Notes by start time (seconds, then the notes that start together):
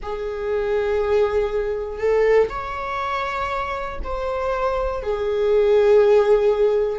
0.02 G#4
1.99 A4
2.49 C#5
4.03 C5
5.02 G#4